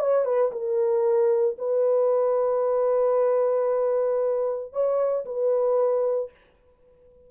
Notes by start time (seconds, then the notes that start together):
0.00 C#5
0.26 B4
0.52 A#4
1.59 B4
4.73 C#5
5.26 B4